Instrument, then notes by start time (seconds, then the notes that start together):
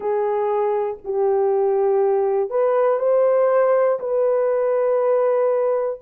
horn
0.00 G#4
1.04 G4
2.50 B4
2.99 C5
4.00 B4